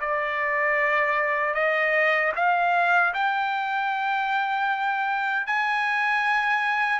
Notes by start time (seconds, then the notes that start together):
0.00 D5
1.54 D#5
2.36 F5
3.14 G5
5.47 G#5